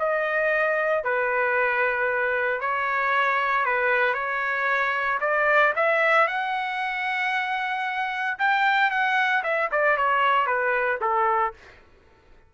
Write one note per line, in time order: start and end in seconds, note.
0.00 1.04 D#5
1.04 2.61 B4
2.61 3.66 C#5
3.66 4.14 B4
4.14 5.19 C#5
5.21 5.74 D5
5.76 6.28 E5
6.28 8.38 F#5
8.39 8.91 G5
8.91 9.44 F#5
9.44 9.70 E5
9.72 9.97 D5
9.97 10.47 C#5
10.47 11.00 B4
11.01 11.54 A4